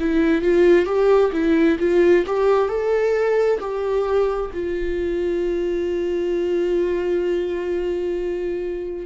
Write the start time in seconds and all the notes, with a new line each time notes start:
0.00 E4
0.42 F4
0.86 G4
1.33 E4
1.80 F4
2.27 G4
2.69 A4
3.60 G4
4.54 F4